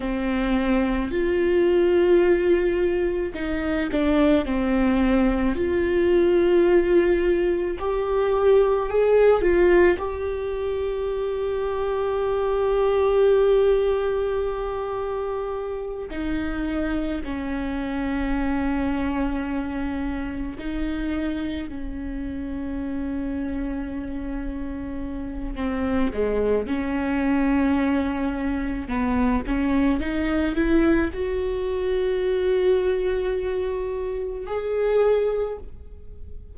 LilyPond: \new Staff \with { instrumentName = "viola" } { \time 4/4 \tempo 4 = 54 c'4 f'2 dis'8 d'8 | c'4 f'2 g'4 | gis'8 f'8 g'2.~ | g'2~ g'8 dis'4 cis'8~ |
cis'2~ cis'8 dis'4 cis'8~ | cis'2. c'8 gis8 | cis'2 b8 cis'8 dis'8 e'8 | fis'2. gis'4 | }